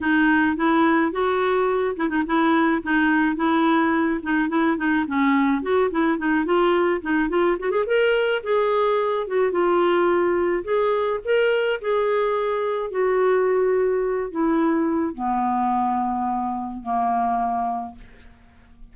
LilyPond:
\new Staff \with { instrumentName = "clarinet" } { \time 4/4 \tempo 4 = 107 dis'4 e'4 fis'4. e'16 dis'16 | e'4 dis'4 e'4. dis'8 | e'8 dis'8 cis'4 fis'8 e'8 dis'8 f'8~ | f'8 dis'8 f'8 fis'16 gis'16 ais'4 gis'4~ |
gis'8 fis'8 f'2 gis'4 | ais'4 gis'2 fis'4~ | fis'4. e'4. b4~ | b2 ais2 | }